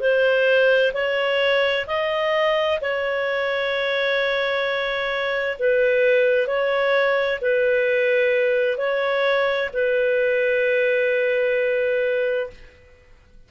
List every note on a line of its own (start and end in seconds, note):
0.00 0.92 C5
0.94 1.86 C#5
1.87 2.79 D#5
2.81 5.58 C#5
5.59 6.47 B4
6.47 7.39 C#5
7.41 8.77 B4
8.77 9.70 C#5
9.73 12.50 B4